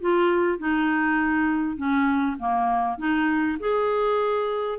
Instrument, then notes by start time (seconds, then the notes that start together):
clarinet
0.00 F4
0.58 D#4
1.76 C#4
2.38 A#3
2.98 D#4
3.59 G#4